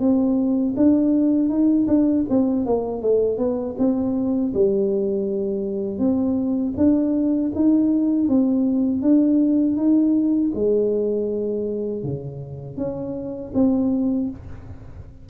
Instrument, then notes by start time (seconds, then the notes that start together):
tuba
0.00 C4
0.77 D4
1.49 D#4
1.88 D4
2.30 C4
2.66 A#3
3.02 A3
3.38 B3
3.78 C4
4.54 G3
5.99 C4
6.77 D4
7.55 D#4
8.29 C4
9.02 D4
9.77 D#4
10.55 G#3
12.03 C#3
12.77 C#4
13.55 C4